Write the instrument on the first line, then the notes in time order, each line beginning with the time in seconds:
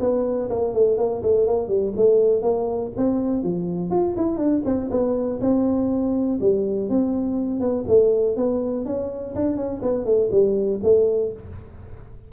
tuba
0.00 B3
0.50 A#3
0.74 A3
0.98 A#3
1.23 A3
1.47 A#3
1.68 G3
1.97 A3
2.42 A#3
2.97 C4
3.43 F3
3.90 F4
4.16 E4
4.37 D4
4.65 C4
4.90 B3
5.41 C4
6.41 G3
6.89 C4
7.60 B3
7.88 A3
8.37 B3
8.86 C#4
9.35 D4
9.57 C#4
9.82 B3
10.05 A3
10.31 G3
10.83 A3